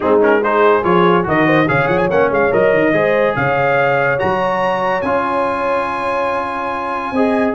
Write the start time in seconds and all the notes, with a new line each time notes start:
0.00 G#3 C4 D#4 G#4
0.20 C#4 A#4
0.43 D#4 G#4 C5
0.83 F3 F4 C#5
1.23 D#3 F#4 A#4 D#5
1.45 C5
1.67 C#3 G#4 C#5 F5
1.87 F3 F#5
1.97 G#5
2.10 A#3 C#4 F#5
2.30 G#3 F5
2.51 F#3 A#4 D#5
2.73 D#3
2.92 G#3 G#4 C5
3.35 C#3 C#5 F5
4.18 F#3 F#4 A#5
5.01 C#4 F4 G#5
7.12 C4 G#4 D#5